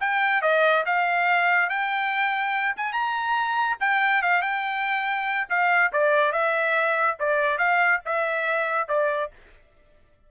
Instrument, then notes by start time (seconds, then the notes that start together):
trumpet
0.00 G5
0.42 D#5
0.86 F5
1.69 G5
2.77 G#5
2.93 A#5
3.80 G5
4.22 F5
4.42 G5
5.49 F5
5.93 D5
6.32 E5
7.19 D5
7.58 F5
8.05 E5
8.88 D5